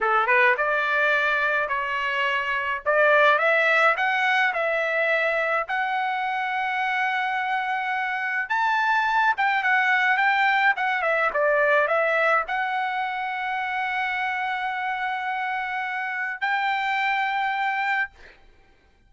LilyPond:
\new Staff \with { instrumentName = "trumpet" } { \time 4/4 \tempo 4 = 106 a'8 b'8 d''2 cis''4~ | cis''4 d''4 e''4 fis''4 | e''2 fis''2~ | fis''2. a''4~ |
a''8 g''8 fis''4 g''4 fis''8 e''8 | d''4 e''4 fis''2~ | fis''1~ | fis''4 g''2. | }